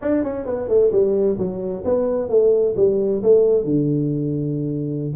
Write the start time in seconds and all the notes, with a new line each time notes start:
0.01 D4
0.23 C#4
0.45 B3
0.68 A3
0.91 G3
1.38 F#3
1.84 B3
2.29 A3
2.76 G3
3.22 A3
3.64 D3